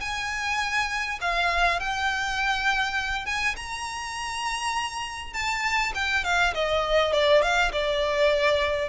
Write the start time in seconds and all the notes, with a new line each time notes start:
0.00 G#5
1.21 F5
1.80 G5
3.26 G#5
3.56 A#5
5.33 A5
5.95 G5
6.24 F5
6.54 D#5
7.13 D5
7.42 F5
7.72 D5